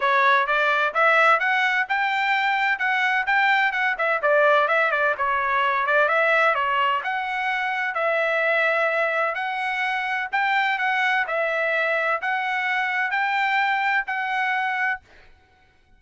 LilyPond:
\new Staff \with { instrumentName = "trumpet" } { \time 4/4 \tempo 4 = 128 cis''4 d''4 e''4 fis''4 | g''2 fis''4 g''4 | fis''8 e''8 d''4 e''8 d''8 cis''4~ | cis''8 d''8 e''4 cis''4 fis''4~ |
fis''4 e''2. | fis''2 g''4 fis''4 | e''2 fis''2 | g''2 fis''2 | }